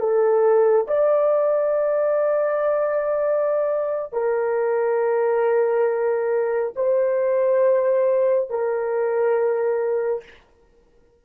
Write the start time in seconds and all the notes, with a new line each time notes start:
0.00 A4
0.88 D5
4.13 A#4
6.77 C5
8.51 A#4